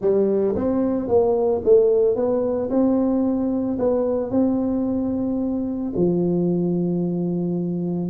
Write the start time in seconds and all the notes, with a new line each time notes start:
0.01 G3
0.55 C4
1.08 A#3
1.64 A3
2.15 B3
2.70 C4
3.78 B3
4.30 C4
5.96 F3